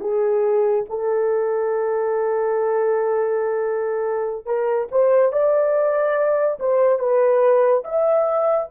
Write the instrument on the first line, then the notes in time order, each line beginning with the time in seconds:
horn
0.00 G#4
0.89 A4
4.46 A#4
4.91 C5
5.32 D5
6.59 C5
6.99 B4
7.84 E5